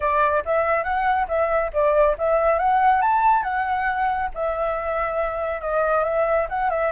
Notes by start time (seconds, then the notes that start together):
0.00 D5
0.45 E5
0.83 F#5
1.28 E5
1.73 D5
2.18 E5
2.58 F#5
3.01 A5
3.43 F#5
4.34 E5
5.61 D#5
6.04 E5
6.49 F#5
6.69 E5